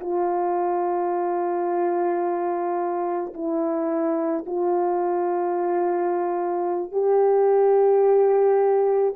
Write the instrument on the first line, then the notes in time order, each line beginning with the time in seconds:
horn
0.00 F4
3.34 E4
4.46 F4
6.92 G4